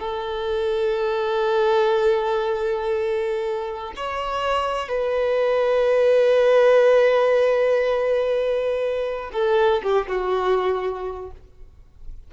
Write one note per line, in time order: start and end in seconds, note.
0.00 3.93 A4
3.96 4.89 C#5
4.89 9.31 B4
9.33 9.82 A4
9.83 10.08 G4
10.08 11.31 F#4